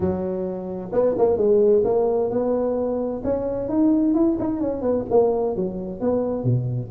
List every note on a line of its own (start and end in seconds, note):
0.00 0.91 F#3
0.92 1.15 B3
1.17 1.37 A#3
1.37 1.83 G#3
1.84 2.30 A#3
2.30 3.22 B3
3.24 3.68 C#4
3.68 4.14 D#4
4.14 4.37 E4
4.39 4.60 D#4
4.60 4.81 C#4
4.81 5.04 B3
5.10 5.56 A#3
5.56 6.00 F#3
6.00 6.44 B3
6.44 6.90 B2